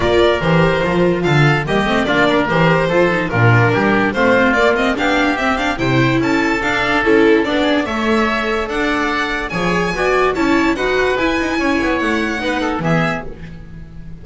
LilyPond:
<<
  \new Staff \with { instrumentName = "violin" } { \time 4/4 \tempo 4 = 145 d''4 c''2 f''4 | dis''4 d''4 c''2 | ais'2 c''4 d''8 dis''8 | f''4 e''8 f''8 g''4 a''4 |
f''4 a'4 d''4 e''4~ | e''4 fis''2 gis''4~ | gis''4 a''4 fis''4 gis''4~ | gis''4 fis''2 e''4 | }
  \new Staff \with { instrumentName = "oboe" } { \time 4/4 ais'2. a'4 | g'4 f'8 ais'4. a'4 | f'4 g'4 f'2 | g'2 c''4 a'4~ |
a'2~ a'8 gis'8 cis''4~ | cis''4 d''2 cis''4 | d''4 cis''4 b'2 | cis''2 b'8 a'8 gis'4 | }
  \new Staff \with { instrumentName = "viola" } { \time 4/4 f'4 g'4 f'2 | ais8 c'8 d'4 g'4 f'8 dis'8 | d'2 c'4 ais8 c'8 | d'4 c'8 d'8 e'2 |
d'4 e'4 d'4 a'4~ | a'2. gis'4 | fis'4 e'4 fis'4 e'4~ | e'2 dis'4 b4 | }
  \new Staff \with { instrumentName = "double bass" } { \time 4/4 ais4 e4 f4 d4 | g8 a8 ais4 e4 f4 | ais,4 g4 a4 ais4 | b4 c'4 c4 cis'4 |
d'4 cis'4 b4 a4~ | a4 d'2 f4 | b4 cis'4 dis'4 e'8 dis'8 | cis'8 b8 a4 b4 e4 | }
>>